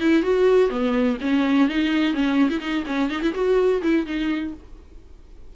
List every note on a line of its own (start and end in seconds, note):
0.00 0.23 E4
0.23 0.70 F#4
0.70 1.17 B3
1.21 1.68 C#4
1.68 2.14 D#4
2.14 2.49 C#4
2.50 2.60 E4
2.60 2.84 D#4
2.86 3.10 C#4
3.10 3.21 D#4
3.21 3.33 E4
3.34 3.82 F#4
3.82 4.06 E4
4.06 4.54 D#4